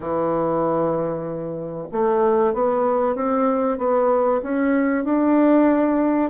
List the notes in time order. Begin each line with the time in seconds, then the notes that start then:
0.00 E3
1.92 A3
2.53 B3
3.15 C4
3.78 B3
4.42 C#4
5.04 D4